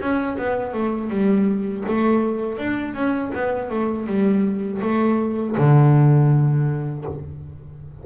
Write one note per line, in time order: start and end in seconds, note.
0.00 0.37 C#4
0.38 0.73 B3
0.73 1.10 A3
1.10 1.84 G3
1.88 2.58 A3
2.58 2.94 D4
2.94 3.31 C#4
3.34 3.70 B3
3.70 4.07 A3
4.07 4.81 G3
4.82 5.56 A3
5.57 7.05 D3